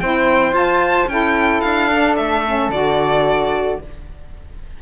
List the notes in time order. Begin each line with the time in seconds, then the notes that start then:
0.00 C4 E4 C5 G5
0.52 F4 A5
1.07 C#4 E4 A4 G5
1.61 D4 F5
1.92 D4
2.16 A3 E5
2.46 C#4
2.69 D3 F#4 D5